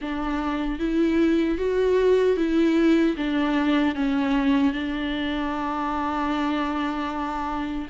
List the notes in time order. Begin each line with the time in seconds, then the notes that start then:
0.01 D4
0.79 E4
1.58 F#4
2.36 E4
3.16 D4
3.95 C#4
4.72 D4